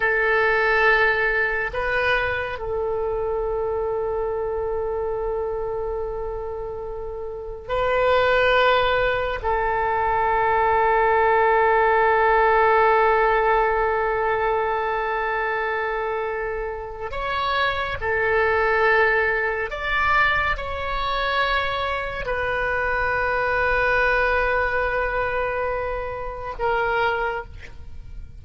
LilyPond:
\new Staff \with { instrumentName = "oboe" } { \time 4/4 \tempo 4 = 70 a'2 b'4 a'4~ | a'1~ | a'4 b'2 a'4~ | a'1~ |
a'1 | cis''4 a'2 d''4 | cis''2 b'2~ | b'2. ais'4 | }